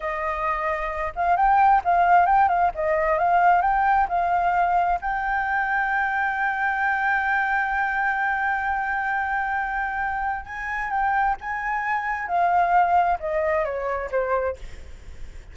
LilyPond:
\new Staff \with { instrumentName = "flute" } { \time 4/4 \tempo 4 = 132 dis''2~ dis''8 f''8 g''4 | f''4 g''8 f''8 dis''4 f''4 | g''4 f''2 g''4~ | g''1~ |
g''1~ | g''2. gis''4 | g''4 gis''2 f''4~ | f''4 dis''4 cis''4 c''4 | }